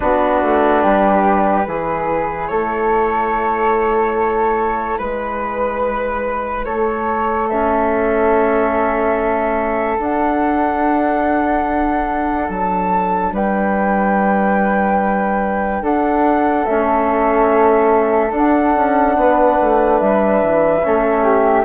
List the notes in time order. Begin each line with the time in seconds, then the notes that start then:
0.00 B3 D4 F#4 B4
0.42 A3
0.82 G3 G4
1.63 E3 E4 G#4
2.47 A3 A4 C#5
4.98 G#3 B4
6.64 A3 A4 C#5
7.48 C#4 E5
9.98 D4 F#5
12.49 F#3 A5
13.32 G3 B4 G5
15.82 D4 A4 F#5
16.65 A3 C#4 E5
18.31 D4 F#5
18.75 C#4
19.15 B3 B4
19.61 A3
19.99 G3 E5
20.42 E3
20.82 A3 C#4 A4
21.23 G4